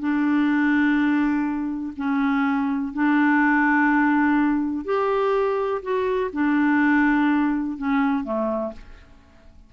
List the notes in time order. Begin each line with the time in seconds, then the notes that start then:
0.00 D4
1.97 C#4
2.94 D4
4.85 G4
5.83 F#4
6.33 D4
7.78 C#4
8.24 A3